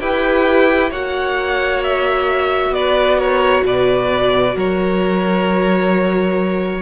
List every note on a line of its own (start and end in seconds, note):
0.00 0.91 E4
0.00 0.91 G4
0.00 0.90 B4
0.00 0.91 G5
0.90 2.70 A#3
0.90 6.82 F#4
0.90 2.72 C#5
0.90 1.83 F#5
1.83 2.73 E5
2.70 3.61 B3
2.70 3.18 B4
2.70 3.18 D5
3.18 3.64 A#4
3.18 3.64 C#5
3.64 4.55 B2
3.64 4.55 B4
3.64 4.57 D5
4.55 6.82 F#3
4.55 6.82 A#4
4.55 6.82 C#5